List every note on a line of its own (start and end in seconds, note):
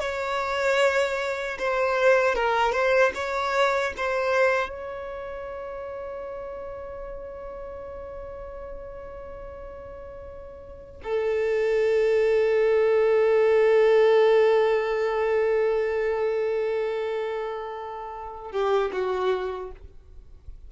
0.00 1.58 C#5
1.59 2.35 C5
2.35 2.72 A#4
2.72 3.12 C5
3.15 3.94 C#5
3.97 4.70 C5
4.70 11.01 C#5
11.03 18.52 A4
18.52 18.91 G4
18.93 19.72 F#4